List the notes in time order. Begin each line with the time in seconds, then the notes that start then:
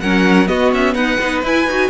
0.00 F#3 C#4 A#4 F#5
0.46 B3 F#4 D#5
0.72 C#4 E5
0.94 D#4 B4 F#5
1.20 B3 D#4
1.42 E4 G#5
1.66 D#4 F#4